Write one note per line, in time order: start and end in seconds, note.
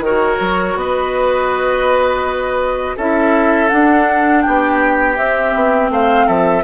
0.00 0.37 D#3
0.00 2.97 F#4
0.00 0.77 A#4
0.00 0.78 C#5
0.40 0.75 F#3
0.75 2.95 B3
0.75 2.96 B4
0.75 2.97 D#5
2.96 3.70 C#4
2.96 3.69 E4
2.96 4.42 A4
2.96 3.69 E5
3.69 5.15 D4
3.69 4.45 D4
3.69 4.42 F#5
4.42 5.17 B3
4.42 5.91 G4
4.42 5.15 G5
5.16 5.54 C4
5.16 6.63 C4
5.16 5.89 E5
5.54 5.89 B3
5.89 6.26 A3
5.89 6.26 C5
5.89 6.28 F5
6.26 6.63 F3
6.26 6.63 A4
6.26 6.63 E5